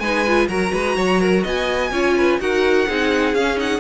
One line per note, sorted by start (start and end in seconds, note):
0.00 0.48 G#3
0.00 0.27 D#4
0.00 0.48 B4
0.00 0.48 G#5
0.27 0.50 F4
0.48 0.72 F#3
0.48 1.93 F#4
0.48 0.73 A#4
0.48 1.44 A#5
0.73 0.97 G#3
0.73 0.97 B4
0.97 1.44 F#3
0.97 1.21 C#5
1.21 1.44 A#4
1.44 1.92 B3
1.44 1.91 D#5
1.44 2.40 G#5
1.92 2.39 C#4
1.92 2.40 F4
1.92 2.15 C#5
2.17 2.41 B4
2.40 2.87 D#4
2.40 2.87 F#4
2.40 2.88 A#4
2.40 3.35 F#5
2.87 3.35 C4
2.87 3.35 D#4
2.87 3.80 G#4
3.35 3.80 C#4
3.35 3.57 C#4
3.35 3.58 F5
3.57 3.80 D#4
3.57 3.80 F#5